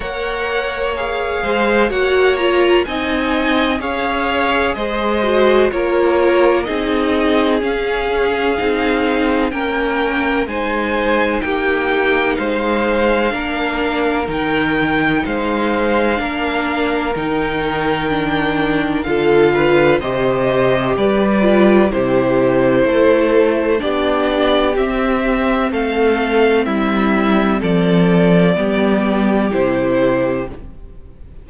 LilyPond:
<<
  \new Staff \with { instrumentName = "violin" } { \time 4/4 \tempo 4 = 63 fis''4 f''4 fis''8 ais''8 gis''4 | f''4 dis''4 cis''4 dis''4 | f''2 g''4 gis''4 | g''4 f''2 g''4 |
f''2 g''2 | f''4 dis''4 d''4 c''4~ | c''4 d''4 e''4 f''4 | e''4 d''2 c''4 | }
  \new Staff \with { instrumentName = "violin" } { \time 4/4 cis''4. c''8 cis''4 dis''4 | cis''4 c''4 ais'4 gis'4~ | gis'2 ais'4 c''4 | g'4 c''4 ais'2 |
c''4 ais'2. | a'8 b'8 c''4 b'4 g'4 | a'4 g'2 a'4 | e'4 a'4 g'2 | }
  \new Staff \with { instrumentName = "viola" } { \time 4/4 ais'4 gis'4 fis'8 f'8 dis'4 | gis'4. fis'8 f'4 dis'4 | cis'4 dis'4 cis'4 dis'4~ | dis'2 d'4 dis'4~ |
dis'4 d'4 dis'4 d'4 | f'4 g'4. f'8 e'4~ | e'4 d'4 c'2~ | c'2 b4 e'4 | }
  \new Staff \with { instrumentName = "cello" } { \time 4/4 ais4. gis8 ais4 c'4 | cis'4 gis4 ais4 c'4 | cis'4 c'4 ais4 gis4 | ais4 gis4 ais4 dis4 |
gis4 ais4 dis2 | d4 c4 g4 c4 | a4 b4 c'4 a4 | g4 f4 g4 c4 | }
>>